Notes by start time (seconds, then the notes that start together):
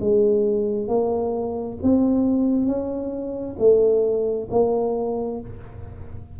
0.00 G#3
0.88 A#3
1.82 C4
2.66 C#4
3.59 A3
4.50 A#3